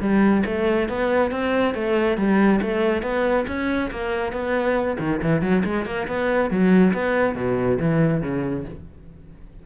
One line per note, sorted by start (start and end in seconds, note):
0.00 0.43 G3
0.45 0.88 A3
0.89 1.31 B3
1.31 1.74 C4
1.74 2.17 A3
2.17 2.60 G3
2.61 3.02 A3
3.02 3.45 B3
3.47 3.90 C#4
3.91 4.32 A#3
4.32 4.97 B3
4.99 5.20 D#3
5.22 5.41 E3
5.41 5.63 F#3
5.64 5.85 G#3
5.85 6.07 A#3
6.07 6.50 B3
6.50 6.93 F#3
6.93 7.35 B3
7.35 7.78 B2
7.79 8.21 E3
8.21 8.64 C#3